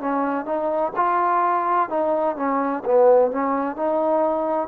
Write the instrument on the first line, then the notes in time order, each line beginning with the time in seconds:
trombone
0.00 C#4
0.45 D#4
0.96 F4
1.89 D#4
2.36 C#4
2.85 B3
3.31 C#4
3.76 D#4